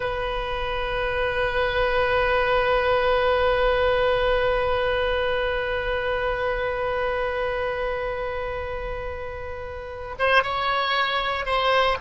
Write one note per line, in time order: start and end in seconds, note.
0.00 10.15 B4
10.19 10.43 C5
10.43 11.45 C#5
11.45 11.97 C5